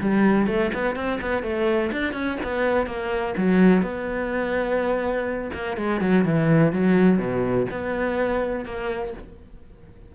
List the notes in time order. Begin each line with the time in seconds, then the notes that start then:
0.00 G3
0.47 A3
0.74 B3
0.96 C4
1.21 B3
1.43 A3
1.92 D4
2.13 C#4
2.43 B3
2.86 A#3
3.37 F#3
3.82 B3
5.54 A#3
5.77 G#3
6.00 F#3
6.24 E3
6.72 F#3
7.18 B2
7.70 B3
8.65 A#3